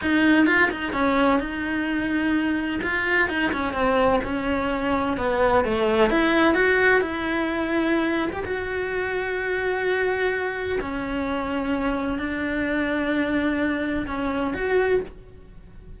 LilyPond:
\new Staff \with { instrumentName = "cello" } { \time 4/4 \tempo 4 = 128 dis'4 f'8 dis'8 cis'4 dis'4~ | dis'2 f'4 dis'8 cis'8 | c'4 cis'2 b4 | a4 e'4 fis'4 e'4~ |
e'4.~ e'16 g'16 fis'2~ | fis'2. cis'4~ | cis'2 d'2~ | d'2 cis'4 fis'4 | }